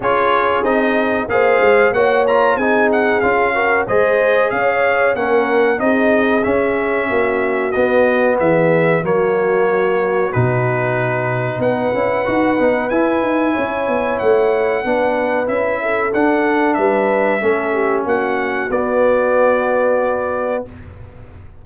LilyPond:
<<
  \new Staff \with { instrumentName = "trumpet" } { \time 4/4 \tempo 4 = 93 cis''4 dis''4 f''4 fis''8 ais''8 | gis''8 fis''8 f''4 dis''4 f''4 | fis''4 dis''4 e''2 | dis''4 e''4 cis''2 |
b'2 fis''2 | gis''2 fis''2 | e''4 fis''4 e''2 | fis''4 d''2. | }
  \new Staff \with { instrumentName = "horn" } { \time 4/4 gis'2 c''4 cis''4 | gis'4. ais'8 c''4 cis''4 | ais'4 gis'2 fis'4~ | fis'4 gis'4 fis'2~ |
fis'2 b'2~ | b'4 cis''2 b'4~ | b'8 a'4. b'4 a'8 g'8 | fis'1 | }
  \new Staff \with { instrumentName = "trombone" } { \time 4/4 f'4 dis'4 gis'4 fis'8 f'8 | dis'4 f'8 fis'8 gis'2 | cis'4 dis'4 cis'2 | b2 ais2 |
dis'2~ dis'8 e'8 fis'8 dis'8 | e'2. d'4 | e'4 d'2 cis'4~ | cis'4 b2. | }
  \new Staff \with { instrumentName = "tuba" } { \time 4/4 cis'4 c'4 ais8 gis8 ais4 | c'4 cis'4 gis4 cis'4 | ais4 c'4 cis'4 ais4 | b4 e4 fis2 |
b,2 b8 cis'8 dis'8 b8 | e'8 dis'8 cis'8 b8 a4 b4 | cis'4 d'4 g4 a4 | ais4 b2. | }
>>